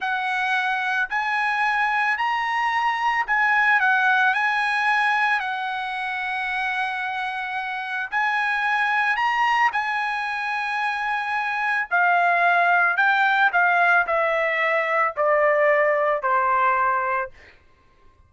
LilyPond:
\new Staff \with { instrumentName = "trumpet" } { \time 4/4 \tempo 4 = 111 fis''2 gis''2 | ais''2 gis''4 fis''4 | gis''2 fis''2~ | fis''2. gis''4~ |
gis''4 ais''4 gis''2~ | gis''2 f''2 | g''4 f''4 e''2 | d''2 c''2 | }